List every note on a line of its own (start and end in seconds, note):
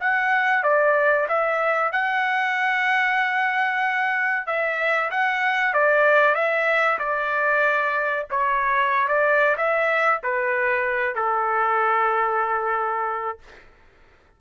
0.00 0.63 F#5
0.63 1.27 D5
1.28 1.91 E5
1.91 4.46 F#5
4.46 5.10 E5
5.10 5.73 F#5
5.73 6.35 D5
6.35 6.98 E5
6.99 8.26 D5
8.30 9.08 C#5
9.08 9.56 D5
9.57 10.21 E5
10.23 11.15 B4
11.15 13.38 A4